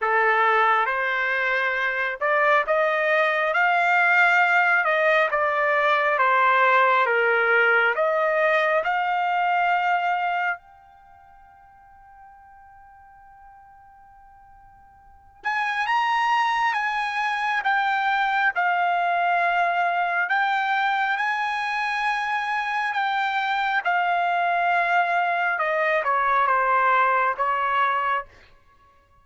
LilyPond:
\new Staff \with { instrumentName = "trumpet" } { \time 4/4 \tempo 4 = 68 a'4 c''4. d''8 dis''4 | f''4. dis''8 d''4 c''4 | ais'4 dis''4 f''2 | g''1~ |
g''4. gis''8 ais''4 gis''4 | g''4 f''2 g''4 | gis''2 g''4 f''4~ | f''4 dis''8 cis''8 c''4 cis''4 | }